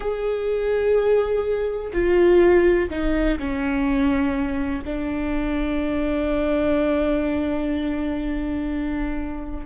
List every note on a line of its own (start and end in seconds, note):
0.00 1.91 G#4
1.92 2.89 F4
2.89 3.38 D#4
3.38 4.84 C#4
4.84 9.66 D4